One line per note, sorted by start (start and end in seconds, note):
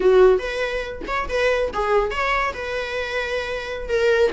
0.00 0.38 F#4
0.38 1.02 B4
1.07 1.28 C#5
1.28 1.71 B4
1.73 2.10 G#4
2.10 2.53 C#5
2.53 3.88 B4
3.88 4.31 A#4